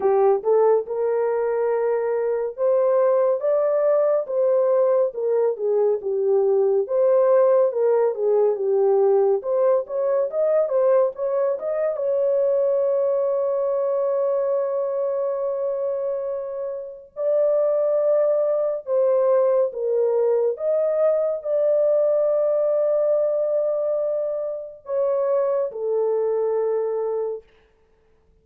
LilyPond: \new Staff \with { instrumentName = "horn" } { \time 4/4 \tempo 4 = 70 g'8 a'8 ais'2 c''4 | d''4 c''4 ais'8 gis'8 g'4 | c''4 ais'8 gis'8 g'4 c''8 cis''8 | dis''8 c''8 cis''8 dis''8 cis''2~ |
cis''1 | d''2 c''4 ais'4 | dis''4 d''2.~ | d''4 cis''4 a'2 | }